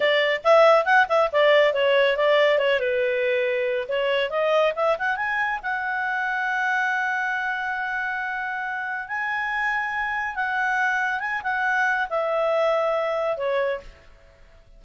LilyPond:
\new Staff \with { instrumentName = "clarinet" } { \time 4/4 \tempo 4 = 139 d''4 e''4 fis''8 e''8 d''4 | cis''4 d''4 cis''8 b'4.~ | b'4 cis''4 dis''4 e''8 fis''8 | gis''4 fis''2.~ |
fis''1~ | fis''4 gis''2. | fis''2 gis''8 fis''4. | e''2. cis''4 | }